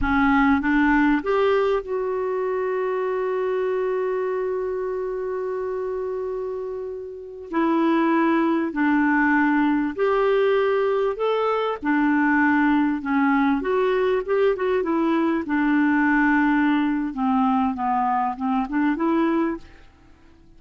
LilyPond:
\new Staff \with { instrumentName = "clarinet" } { \time 4/4 \tempo 4 = 98 cis'4 d'4 g'4 fis'4~ | fis'1~ | fis'1~ | fis'16 e'2 d'4.~ d'16~ |
d'16 g'2 a'4 d'8.~ | d'4~ d'16 cis'4 fis'4 g'8 fis'16~ | fis'16 e'4 d'2~ d'8. | c'4 b4 c'8 d'8 e'4 | }